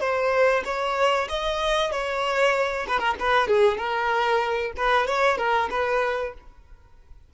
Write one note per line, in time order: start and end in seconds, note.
0.00 0.63 C5
0.65 1.28 C#5
1.29 1.91 D#5
1.91 2.86 C#5
2.87 2.99 B4
2.99 3.15 A#4
3.20 3.48 B4
3.48 3.77 G#4
3.77 4.72 A#4
4.77 5.07 B4
5.07 5.37 C#5
5.37 5.69 A#4
5.70 6.33 B4